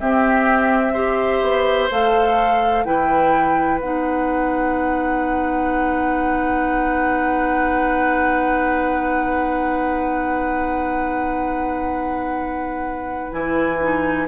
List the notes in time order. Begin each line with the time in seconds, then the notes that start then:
0.00 C4 G4 E5
0.93 G4 C5
1.41 B3
1.91 A3 A4 F5
2.85 E3 E4 B4 G5
3.81 B3 D#4 F#5
13.32 E3 E4 G#5
13.82 D#4